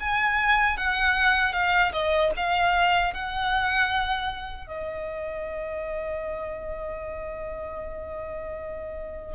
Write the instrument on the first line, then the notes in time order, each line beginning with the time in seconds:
violin
0.00 G#5
0.77 F#5
1.53 F5
1.92 D#5
2.36 F5
3.13 F#5
4.67 D#5